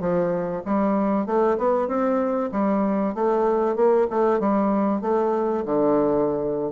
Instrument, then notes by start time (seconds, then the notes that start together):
bassoon
0.00 F3
0.65 G3
1.26 A3
1.58 B3
1.88 C4
2.52 G3
3.14 A3
3.76 A#3
4.10 A3
4.39 G3
5.01 A3
5.65 D3